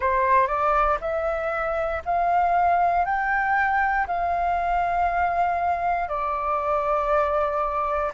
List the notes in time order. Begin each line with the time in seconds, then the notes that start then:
0.00 C5
0.47 D5
1.00 E5
2.05 F5
3.05 G5
4.07 F5
6.08 D5